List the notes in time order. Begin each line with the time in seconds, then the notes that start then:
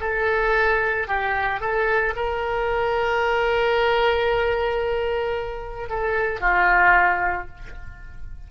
0.00 A4
1.07 G4
1.60 A4
2.16 A#4
5.89 A4
6.40 F4